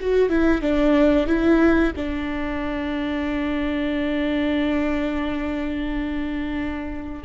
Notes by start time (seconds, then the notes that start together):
0.00 F#4
0.29 E4
0.61 D4
1.26 E4
1.96 D4